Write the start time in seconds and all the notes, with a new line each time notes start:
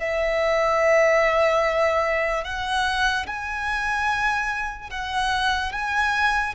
0.00 E5
2.45 F#5
3.27 G#5
4.91 F#5
5.73 G#5